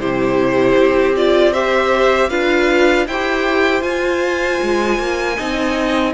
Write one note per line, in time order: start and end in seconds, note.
0.00 0.77 C3
0.00 1.16 E4
0.00 1.52 G4
0.00 1.16 C5
0.77 2.31 C4
1.16 1.54 F4
1.16 1.53 D5
1.52 2.30 G4
1.52 2.29 C5
1.52 2.30 E5
2.30 3.07 D4
2.30 3.07 F4
2.30 3.07 B4
2.30 3.07 F5
3.07 3.82 E4
3.07 3.82 G4
3.07 5.37 C5
3.07 3.83 G5
3.82 5.36 F4
3.82 4.59 F4
3.82 6.13 G#5
4.63 4.99 G#3
4.99 5.38 A#3
5.37 6.14 C4
5.37 6.14 D#4
5.37 6.14 D#5